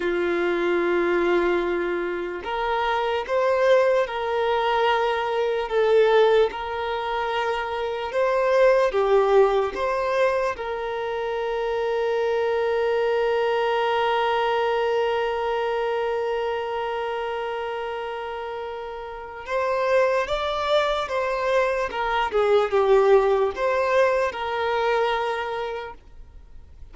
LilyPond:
\new Staff \with { instrumentName = "violin" } { \time 4/4 \tempo 4 = 74 f'2. ais'4 | c''4 ais'2 a'4 | ais'2 c''4 g'4 | c''4 ais'2.~ |
ais'1~ | ais'1 | c''4 d''4 c''4 ais'8 gis'8 | g'4 c''4 ais'2 | }